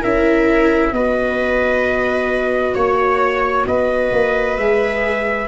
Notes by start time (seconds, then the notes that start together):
0.00 C#4 E4 A#4 E5
0.92 B3 F#4 B4 D#5
2.74 A#3 C#5
3.66 B3 B4 D#5
4.12 A#3
4.57 G#3 G#4 E5